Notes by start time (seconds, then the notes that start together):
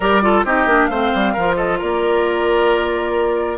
0.00 G3 G4 A#4 D5
0.22 F4 A4
0.44 C4 D#4 G4 D#5
0.65 A#3 D4
0.86 A3 C5 F5
0.92 C4
1.14 G3
1.33 F3 F4 A#4
1.56 A4 D#5
1.78 A#3 A#4 D5